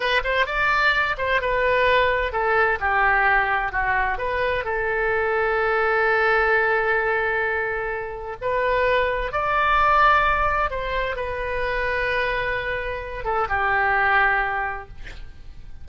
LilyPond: \new Staff \with { instrumentName = "oboe" } { \time 4/4 \tempo 4 = 129 b'8 c''8 d''4. c''8 b'4~ | b'4 a'4 g'2 | fis'4 b'4 a'2~ | a'1~ |
a'2 b'2 | d''2. c''4 | b'1~ | b'8 a'8 g'2. | }